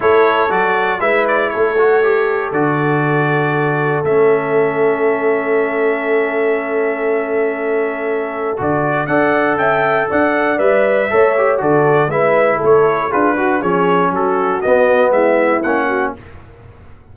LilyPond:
<<
  \new Staff \with { instrumentName = "trumpet" } { \time 4/4 \tempo 4 = 119 cis''4 d''4 e''8 d''8 cis''4~ | cis''4 d''2. | e''1~ | e''1~ |
e''4 d''4 fis''4 g''4 | fis''4 e''2 d''4 | e''4 cis''4 b'4 cis''4 | a'4 dis''4 e''4 fis''4 | }
  \new Staff \with { instrumentName = "horn" } { \time 4/4 a'2 b'4 a'4~ | a'1~ | a'1~ | a'1~ |
a'2 d''4 e''4 | d''2 cis''4 a'4 | b'4 a'4 gis'8 fis'8 gis'4 | fis'2 e'4. fis'8 | }
  \new Staff \with { instrumentName = "trombone" } { \time 4/4 e'4 fis'4 e'4. fis'8 | g'4 fis'2. | cis'1~ | cis'1~ |
cis'4 fis'4 a'2~ | a'4 b'4 a'8 g'8 fis'4 | e'2 f'8 fis'8 cis'4~ | cis'4 b2 cis'4 | }
  \new Staff \with { instrumentName = "tuba" } { \time 4/4 a4 fis4 gis4 a4~ | a4 d2. | a1~ | a1~ |
a4 d4 d'4 cis'4 | d'4 g4 a4 d4 | gis4 a4 d'4 f4 | fis4 b4 gis4 ais4 | }
>>